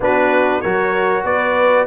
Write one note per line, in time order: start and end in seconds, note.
0.00 0.62 B3
0.00 0.63 D4
0.00 0.61 F#4
0.00 0.61 B4
0.61 1.24 F#3
0.61 1.86 F#4
0.61 1.24 A#4
0.61 1.23 C#5
1.24 1.86 B3
1.24 1.86 B4
1.24 1.86 D5